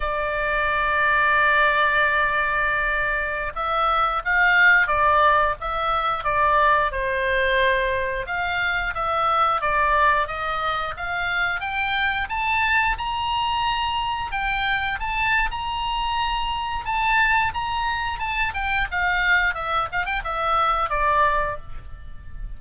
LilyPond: \new Staff \with { instrumentName = "oboe" } { \time 4/4 \tempo 4 = 89 d''1~ | d''4~ d''16 e''4 f''4 d''8.~ | d''16 e''4 d''4 c''4.~ c''16~ | c''16 f''4 e''4 d''4 dis''8.~ |
dis''16 f''4 g''4 a''4 ais''8.~ | ais''4~ ais''16 g''4 a''8. ais''4~ | ais''4 a''4 ais''4 a''8 g''8 | f''4 e''8 f''16 g''16 e''4 d''4 | }